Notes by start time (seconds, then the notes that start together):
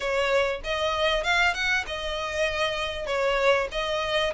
0.00 C#5
0.64 D#5
1.23 F5
1.54 F#5
1.86 D#5
3.06 C#5
3.71 D#5